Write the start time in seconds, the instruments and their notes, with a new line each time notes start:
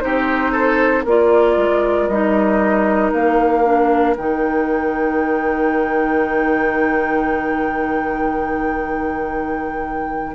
0.00 bassoon C4, clarinet D#4, oboe G4, flute C5
0.52 oboe A4
1.03 bassoon A#3, clarinet F4, oboe A#4, flute D5
1.57 bassoon G#3
2.08 bassoon G3, clarinet D#4, flute D#5
3.12 bassoon A#3, flute F5
3.64 clarinet D4
4.17 bassoon D#3, clarinet D#4, flute G5